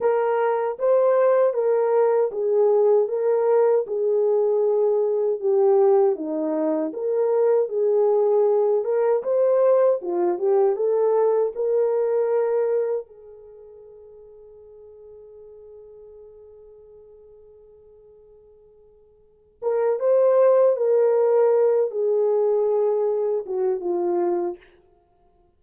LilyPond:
\new Staff \with { instrumentName = "horn" } { \time 4/4 \tempo 4 = 78 ais'4 c''4 ais'4 gis'4 | ais'4 gis'2 g'4 | dis'4 ais'4 gis'4. ais'8 | c''4 f'8 g'8 a'4 ais'4~ |
ais'4 gis'2.~ | gis'1~ | gis'4. ais'8 c''4 ais'4~ | ais'8 gis'2 fis'8 f'4 | }